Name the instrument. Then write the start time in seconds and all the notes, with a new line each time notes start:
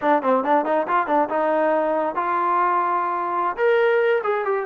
trombone
0.01 D4
0.22 C4
0.44 D4
0.65 D#4
0.87 F4
1.07 D4
1.29 D#4
2.15 F4
3.56 A#4
4.23 G#4
4.44 G4